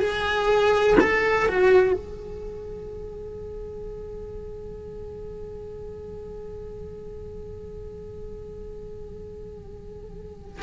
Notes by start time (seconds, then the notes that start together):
0.00 G#4
1.00 A4
1.48 F#4
1.93 G#4